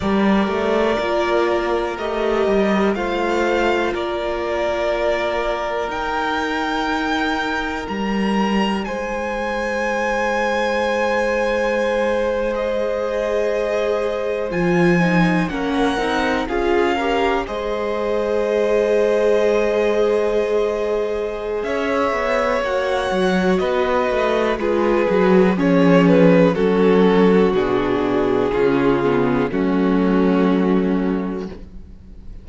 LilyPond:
<<
  \new Staff \with { instrumentName = "violin" } { \time 4/4 \tempo 4 = 61 d''2 dis''4 f''4 | d''2 g''2 | ais''4 gis''2.~ | gis''8. dis''2 gis''4 fis''16~ |
fis''8. f''4 dis''2~ dis''16~ | dis''2 e''4 fis''4 | dis''4 b'4 cis''8 b'8 a'4 | gis'2 fis'2 | }
  \new Staff \with { instrumentName = "violin" } { \time 4/4 ais'2. c''4 | ais'1~ | ais'4 c''2.~ | c''2.~ c''8. ais'16~ |
ais'8. gis'8 ais'8 c''2~ c''16~ | c''2 cis''2 | b'4 gis'4 cis'4 fis'4~ | fis'4 f'4 cis'2 | }
  \new Staff \with { instrumentName = "viola" } { \time 4/4 g'4 f'4 g'4 f'4~ | f'2 dis'2~ | dis'1~ | dis'8. gis'2 f'8 dis'8 cis'16~ |
cis'16 dis'8 f'8 g'8 gis'2~ gis'16~ | gis'2. fis'4~ | fis'4 f'8 fis'8 gis'4 cis'4 | d'4 cis'8 b8 a2 | }
  \new Staff \with { instrumentName = "cello" } { \time 4/4 g8 a8 ais4 a8 g8 a4 | ais2 dis'2 | g4 gis2.~ | gis2~ gis8. f4 ais16~ |
ais16 c'8 cis'4 gis2~ gis16~ | gis2 cis'8 b8 ais8 fis8 | b8 a8 gis8 fis8 f4 fis4 | b,4 cis4 fis2 | }
>>